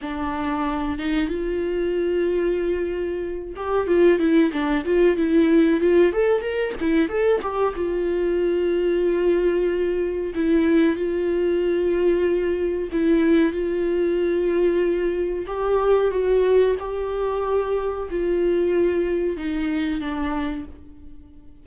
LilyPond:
\new Staff \with { instrumentName = "viola" } { \time 4/4 \tempo 4 = 93 d'4. dis'8 f'2~ | f'4. g'8 f'8 e'8 d'8 f'8 | e'4 f'8 a'8 ais'8 e'8 a'8 g'8 | f'1 |
e'4 f'2. | e'4 f'2. | g'4 fis'4 g'2 | f'2 dis'4 d'4 | }